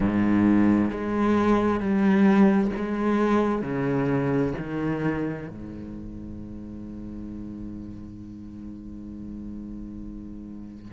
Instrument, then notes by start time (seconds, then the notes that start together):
cello
0.00 G#2
0.90 G#3
1.79 G3
2.76 G#3
3.62 C#3
4.58 D#3
5.48 G#2